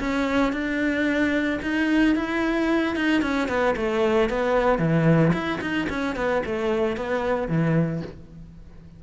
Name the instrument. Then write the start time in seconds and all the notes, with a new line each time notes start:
cello
0.00 C#4
0.53 D4
1.62 D#4
2.16 E4
2.96 D#4
3.22 C#4
3.48 B3
3.76 A3
4.30 B3
4.79 E3
5.33 E4
5.61 D#4
5.90 C#4
6.16 B3
6.46 A3
6.97 B3
7.48 E3